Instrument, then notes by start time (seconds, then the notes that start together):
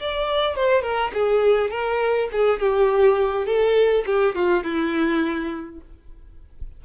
violin
0.00 D5
0.56 C5
0.82 A#4
1.14 G#4
1.70 A#4
2.32 G#4
2.60 G4
3.46 A4
4.06 G4
4.35 F4
4.64 E4